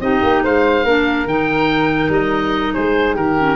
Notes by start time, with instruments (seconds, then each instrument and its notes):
0.00 tuba C4, clarinet D#4, flute G4, oboe D#5
0.23 tuba A#3
0.43 tuba G#3, flute C5, oboe F5
0.84 tuba A#3, clarinet D4, flute A#4
1.25 tuba D#3, clarinet D#4, oboe G5
2.09 tuba G3, oboe D#5
2.73 tuba G#3, flute G#4, oboe C5
3.14 tuba D#3, flute G4, oboe A#4
3.38 clarinet C#4